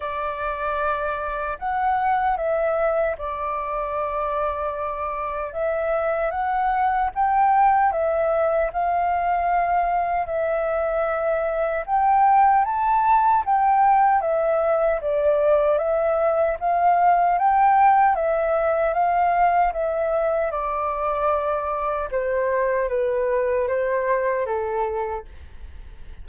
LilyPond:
\new Staff \with { instrumentName = "flute" } { \time 4/4 \tempo 4 = 76 d''2 fis''4 e''4 | d''2. e''4 | fis''4 g''4 e''4 f''4~ | f''4 e''2 g''4 |
a''4 g''4 e''4 d''4 | e''4 f''4 g''4 e''4 | f''4 e''4 d''2 | c''4 b'4 c''4 a'4 | }